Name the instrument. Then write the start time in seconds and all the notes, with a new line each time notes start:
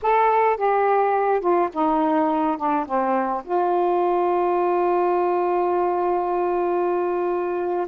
saxophone
0.02 A4
0.56 G4
1.40 F4
1.73 D#4
2.57 D4
2.85 C4
3.44 F4